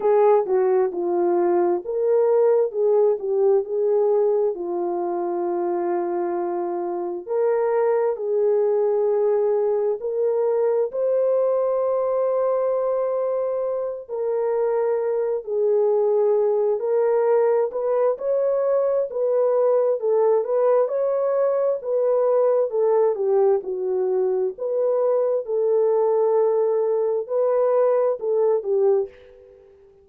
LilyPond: \new Staff \with { instrumentName = "horn" } { \time 4/4 \tempo 4 = 66 gis'8 fis'8 f'4 ais'4 gis'8 g'8 | gis'4 f'2. | ais'4 gis'2 ais'4 | c''2.~ c''8 ais'8~ |
ais'4 gis'4. ais'4 b'8 | cis''4 b'4 a'8 b'8 cis''4 | b'4 a'8 g'8 fis'4 b'4 | a'2 b'4 a'8 g'8 | }